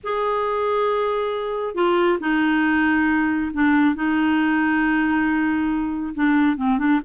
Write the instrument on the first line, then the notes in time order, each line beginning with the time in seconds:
clarinet
0.03 G#4
1.74 F4
2.20 D#4
3.53 D4
3.95 D#4
6.14 D4
6.57 C4
6.78 D4